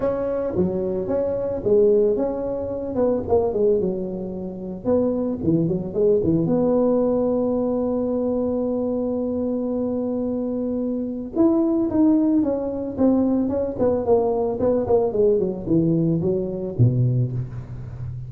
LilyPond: \new Staff \with { instrumentName = "tuba" } { \time 4/4 \tempo 4 = 111 cis'4 fis4 cis'4 gis4 | cis'4. b8 ais8 gis8 fis4~ | fis4 b4 e8 fis8 gis8 e8 | b1~ |
b1~ | b4 e'4 dis'4 cis'4 | c'4 cis'8 b8 ais4 b8 ais8 | gis8 fis8 e4 fis4 b,4 | }